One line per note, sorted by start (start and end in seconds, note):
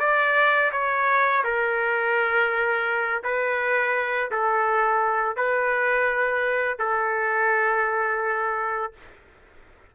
0.00 0.71 D5
0.72 1.44 C#5
1.44 3.23 A#4
3.24 4.31 B4
4.31 5.37 A4
5.37 6.79 B4
6.79 8.93 A4